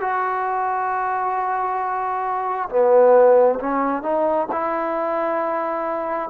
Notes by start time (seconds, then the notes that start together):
0.00 F#4
2.69 B3
3.59 C#4
4.02 D#4
4.51 E4